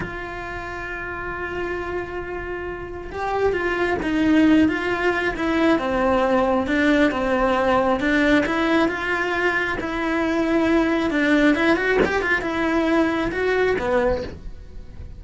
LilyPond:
\new Staff \with { instrumentName = "cello" } { \time 4/4 \tempo 4 = 135 f'1~ | f'2. g'4 | f'4 dis'4. f'4. | e'4 c'2 d'4 |
c'2 d'4 e'4 | f'2 e'2~ | e'4 d'4 e'8 fis'8 g'8 f'8 | e'2 fis'4 b4 | }